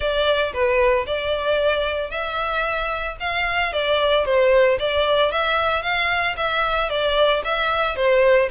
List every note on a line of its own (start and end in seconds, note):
0.00 0.52 D5
0.53 1.06 B4
1.06 2.10 D5
2.10 3.16 E5
3.20 3.73 F5
3.73 4.25 D5
4.25 4.78 C5
4.79 5.31 D5
5.31 5.82 E5
5.82 6.35 F5
6.36 6.89 E5
6.89 7.42 D5
7.44 7.96 E5
7.96 8.49 C5